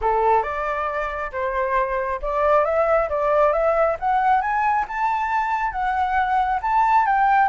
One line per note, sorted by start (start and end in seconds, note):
0.01 0.42 A4
0.42 1.31 D5
1.32 2.20 C5
2.22 2.64 D5
2.64 3.08 E5
3.09 3.53 D5
3.53 3.97 E5
3.99 4.41 F#5
4.41 4.85 G#5
4.87 5.71 A5
5.71 6.60 F#5
6.62 7.05 A5
7.05 7.48 G5